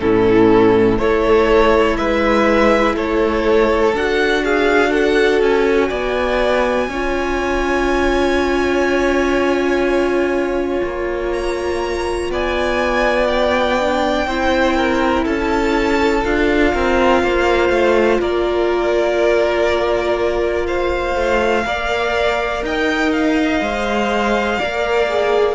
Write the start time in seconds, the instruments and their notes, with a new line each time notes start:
0.00 cello A2, viola C#4, violin E4 A4
0.98 cello A3, viola E4, violin A4 C#5
1.97 cello G#3, violin B4 E5
2.95 cello A3, violin A4 C#5
3.94 cello D4, viola F#4, violin F#5
4.44 violin G#4 F5
4.90 violin A4 F#5
5.41 cello C#4, violin G#5
5.89 cello B3, violin D5
6.88 cello C#4, viola F4, violin C#5
10.83 cello A#3
11.32 violin A#5
12.30 cello B3, violin D5 G#5
13.27 violin G5
13.79 viola D4
14.27 cello C4, viola E4, violin C5
14.76 violin A#4
15.24 cello C#4, violin A4 A5
16.23 cello D4, viola F4, violin F5
16.73 cello C4, violin A#4
17.23 cello A#3, violin C5
17.70 cello A3
18.20 cello A#3, violin A#4 D5
20.67 violin C5 F5
21.15 cello A3
21.65 cello A#3, viola A#4, violin D5
22.62 cello D#4, violin D#5 G5
23.12 violin F5
23.61 cello G#3, viola C5
24.59 cello A#3, viola A#4, violin D5
25.09 viola G#4